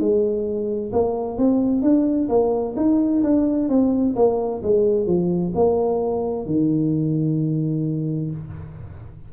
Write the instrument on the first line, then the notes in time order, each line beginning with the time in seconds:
tuba
0.00 G#3
0.93 A#3
1.38 C4
1.83 D4
2.30 A#3
2.77 D#4
3.24 D4
3.69 C4
4.16 A#3
4.64 G#3
5.07 F3
5.56 A#3
6.47 D#3